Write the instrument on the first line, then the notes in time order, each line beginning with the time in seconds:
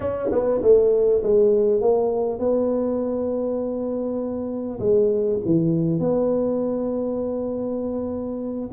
tuba
0.00 C#4
0.31 B3
0.62 A3
1.22 G#3
1.81 A#3
2.39 B3
4.79 G#3
5.45 E3
5.99 B3